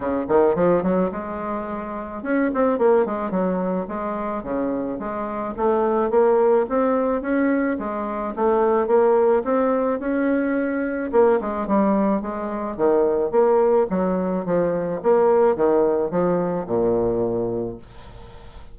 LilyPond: \new Staff \with { instrumentName = "bassoon" } { \time 4/4 \tempo 4 = 108 cis8 dis8 f8 fis8 gis2 | cis'8 c'8 ais8 gis8 fis4 gis4 | cis4 gis4 a4 ais4 | c'4 cis'4 gis4 a4 |
ais4 c'4 cis'2 | ais8 gis8 g4 gis4 dis4 | ais4 fis4 f4 ais4 | dis4 f4 ais,2 | }